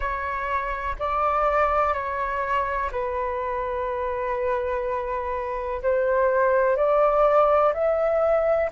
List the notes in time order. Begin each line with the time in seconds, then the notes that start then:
0.00 C#5
0.99 D5
1.94 C#5
2.91 B4
5.82 C5
6.76 D5
7.73 E5